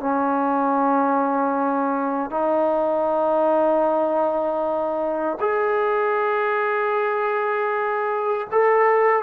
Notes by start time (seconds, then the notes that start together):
0.00 C#4
2.30 D#4
5.40 G#4
8.51 A4